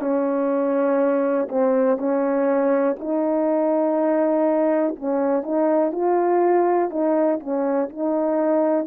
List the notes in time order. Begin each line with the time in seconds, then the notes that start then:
0.00 C#4
1.48 C4
1.98 C#4
2.99 D#4
4.96 C#4
5.43 D#4
5.92 F4
6.90 D#4
7.39 C#4
7.89 D#4